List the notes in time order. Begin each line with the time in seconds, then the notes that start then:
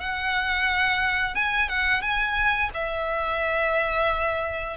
0.00 F#5
1.35 G#5
1.69 F#5
2.02 G#5
2.74 E5